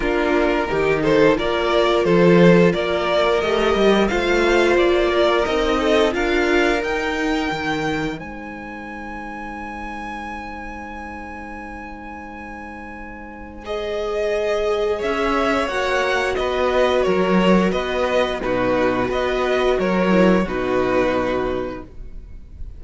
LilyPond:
<<
  \new Staff \with { instrumentName = "violin" } { \time 4/4 \tempo 4 = 88 ais'4. c''8 d''4 c''4 | d''4 dis''4 f''4 d''4 | dis''4 f''4 g''2 | gis''1~ |
gis''1 | dis''2 e''4 fis''4 | dis''4 cis''4 dis''4 b'4 | dis''4 cis''4 b'2 | }
  \new Staff \with { instrumentName = "violin" } { \time 4/4 f'4 g'8 a'8 ais'4 a'4 | ais'2 c''4. ais'8~ | ais'8 a'8 ais'2. | c''1~ |
c''1~ | c''2 cis''2 | b'4 ais'4 b'4 fis'4 | b'4 ais'4 fis'2 | }
  \new Staff \with { instrumentName = "viola" } { \time 4/4 d'4 dis'4 f'2~ | f'4 g'4 f'2 | dis'4 f'4 dis'2~ | dis'1~ |
dis'1 | gis'2. fis'4~ | fis'2. dis'4 | fis'4. e'8 dis'2 | }
  \new Staff \with { instrumentName = "cello" } { \time 4/4 ais4 dis4 ais4 f4 | ais4 a8 g8 a4 ais4 | c'4 d'4 dis'4 dis4 | gis1~ |
gis1~ | gis2 cis'4 ais4 | b4 fis4 b4 b,4 | b4 fis4 b,2 | }
>>